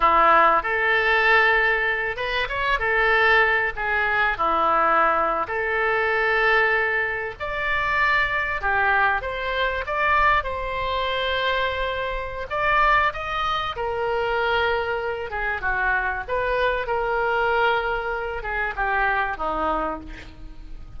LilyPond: \new Staff \with { instrumentName = "oboe" } { \time 4/4 \tempo 4 = 96 e'4 a'2~ a'8 b'8 | cis''8 a'4. gis'4 e'4~ | e'8. a'2. d''16~ | d''4.~ d''16 g'4 c''4 d''16~ |
d''8. c''2.~ c''16 | d''4 dis''4 ais'2~ | ais'8 gis'8 fis'4 b'4 ais'4~ | ais'4. gis'8 g'4 dis'4 | }